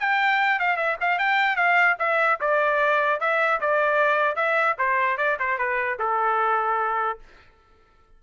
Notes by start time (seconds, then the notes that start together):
0.00 G5
0.60 F5
0.77 E5
1.01 F5
1.19 G5
1.56 F5
1.99 E5
2.41 D5
3.21 E5
3.61 D5
4.36 E5
4.78 C5
5.17 D5
5.39 C5
5.58 B4
5.99 A4